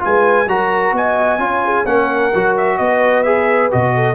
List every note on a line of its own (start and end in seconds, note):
0.00 0.47 G#3
0.00 0.46 F4
0.00 0.49 B4
0.00 0.49 G#5
0.47 0.92 F#3
0.47 1.39 F#4
0.47 0.96 A#4
0.47 0.95 A#5
0.92 1.39 B3
0.92 1.42 D#5
0.92 1.86 G#5
1.39 1.85 C#4
1.39 1.85 F4
1.39 1.65 C#5
1.65 1.87 G#4
1.86 2.32 A#3
1.86 2.34 C#4
1.86 2.80 A#4
1.86 2.55 F#5
2.35 2.79 F#3
2.35 3.25 F#4
2.57 2.78 E5
2.78 3.72 B3
2.78 3.95 B4
2.78 3.23 D#5
3.23 3.71 G#4
3.23 3.69 E5
3.71 4.15 B2
3.71 4.15 F#4
3.71 4.15 D#5
3.95 4.15 A4